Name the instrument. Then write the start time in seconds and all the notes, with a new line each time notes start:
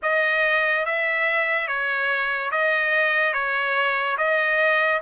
trumpet
0.02 D#5
0.85 E5
1.67 C#5
2.51 D#5
3.33 C#5
4.17 D#5